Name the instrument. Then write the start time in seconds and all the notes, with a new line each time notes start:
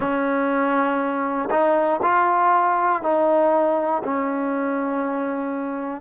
trombone
0.00 C#4
1.50 D#4
2.02 F4
3.02 D#4
4.04 C#4